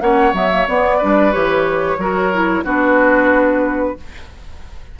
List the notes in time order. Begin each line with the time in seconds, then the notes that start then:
0.00 A#3 C#4 C#5 F#5
0.33 F#3 B3 E5
0.51 A#3
0.68 B3 D5
0.98 G3 D4 B4
1.33 E3 G4 C#5
1.98 F#3 F#4 A#4
2.33 E4
2.64 B3 D4 F#4 B4